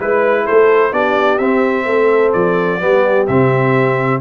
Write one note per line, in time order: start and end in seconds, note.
0.00 0.47 G#3
0.00 0.92 E4
0.00 0.47 B4
0.00 0.45 B4
0.45 0.92 A3
0.45 0.92 A4
0.45 0.93 C5
0.92 1.39 B3
0.92 1.39 D4
0.92 1.86 G4
0.92 1.38 D5
1.38 1.86 C4
1.38 2.80 C4
1.38 2.32 E5
1.86 2.33 A3
1.86 2.80 A4
2.33 2.81 F3
2.33 3.27 D5
2.80 3.28 G3
2.80 3.27 B3
2.80 4.21 G4
3.27 4.22 C3
3.27 4.22 C4
3.27 4.21 E5